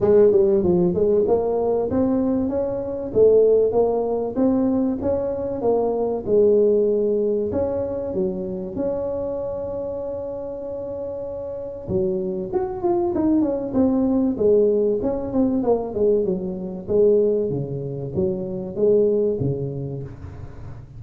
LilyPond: \new Staff \with { instrumentName = "tuba" } { \time 4/4 \tempo 4 = 96 gis8 g8 f8 gis8 ais4 c'4 | cis'4 a4 ais4 c'4 | cis'4 ais4 gis2 | cis'4 fis4 cis'2~ |
cis'2. fis4 | fis'8 f'8 dis'8 cis'8 c'4 gis4 | cis'8 c'8 ais8 gis8 fis4 gis4 | cis4 fis4 gis4 cis4 | }